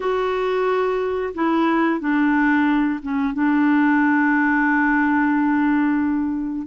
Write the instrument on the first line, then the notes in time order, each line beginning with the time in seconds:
clarinet
0.00 F#4
1.34 E4
1.99 D4
3.02 C#4
3.33 D4